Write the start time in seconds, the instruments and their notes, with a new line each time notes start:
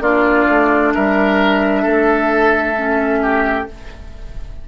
0.00 bassoon A#3, clarinet D4, oboe F4, flute D5
0.48 bassoon A3
0.94 bassoon G3, oboe A#4, flute E5
1.82 bassoon A3, oboe A4
2.75 clarinet C#4
3.22 oboe G4